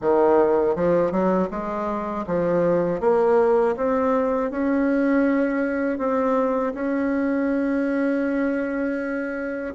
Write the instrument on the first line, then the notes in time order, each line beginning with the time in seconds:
bassoon
0.01 D#3
0.75 F3
1.11 F#3
1.50 G#3
2.26 F3
3.00 A#3
3.76 C4
4.50 C#4
5.98 C4
6.74 C#4